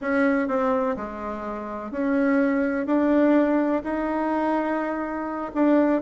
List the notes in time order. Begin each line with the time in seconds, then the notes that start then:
0.01 C#4
0.48 C4
0.96 G#3
1.91 C#4
2.86 D4
3.83 D#4
5.54 D4